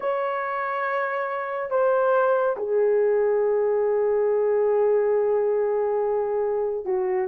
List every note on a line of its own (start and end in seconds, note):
0.00 1.70 C#5
1.70 2.56 C5
2.56 6.85 G#4
6.85 7.28 F#4